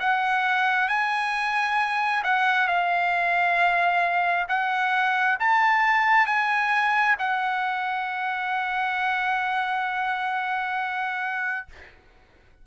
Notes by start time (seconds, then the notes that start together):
0.00 F#5
0.89 G#5
2.24 F#5
2.68 F5
4.49 F#5
5.40 A5
6.26 G#5
7.19 F#5